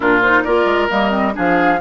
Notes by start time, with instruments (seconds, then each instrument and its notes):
0.00 bassoon A#2, clarinet D4, oboe F4, flute A#4
0.22 clarinet D#4, flute C5
0.43 bassoon A#3, clarinet F4, oboe A#4, flute D5
0.65 bassoon G#3
0.89 bassoon G3, clarinet A#3, flute D#5
1.09 clarinet C4
1.33 bassoon F3, clarinet D4, oboe G#4, flute F5